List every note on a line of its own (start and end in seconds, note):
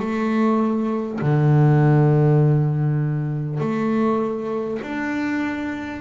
0.00 1.20 A3
1.21 3.60 D3
3.60 4.80 A3
4.83 6.01 D4